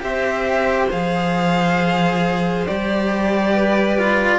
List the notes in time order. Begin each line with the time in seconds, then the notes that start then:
0.00 C4 G4 C5 E5
0.90 F3 G#4 F5
2.66 G3 G4 D5
3.53 B4
3.98 F4